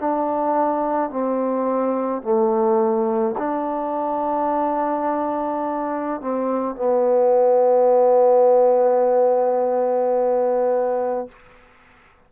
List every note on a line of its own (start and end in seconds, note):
0.00 1.10 D4
1.10 2.22 C4
2.22 3.36 A3
3.38 6.21 D4
6.21 6.76 C4
6.76 11.28 B3